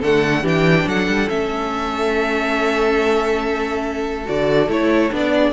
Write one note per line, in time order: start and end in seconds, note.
0.00 0.43 D3
0.00 0.44 A3
0.00 0.42 A4
0.00 0.46 F#5
0.42 0.86 E3
0.42 1.28 D4
0.42 0.85 G4
0.42 0.88 G5
0.86 1.07 F#3
0.86 5.33 A4
0.86 1.29 F#5
1.08 1.29 G3
1.28 4.27 A3
1.28 4.25 C#4
1.28 4.27 E5
4.25 4.68 D3
4.25 4.67 F#4
4.25 4.70 D5
4.68 5.11 A3
4.68 5.11 E4
4.68 5.14 C#5
5.11 5.52 B3
5.11 5.52 D4
5.11 5.52 D5
5.33 5.52 G#4